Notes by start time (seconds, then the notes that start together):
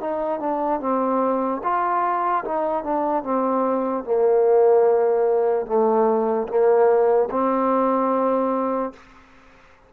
0.00 D#4
0.39 D4
0.80 C4
1.63 F4
2.44 D#4
2.84 D4
3.23 C4
4.04 A#3
5.66 A3
6.48 A#3
7.30 C4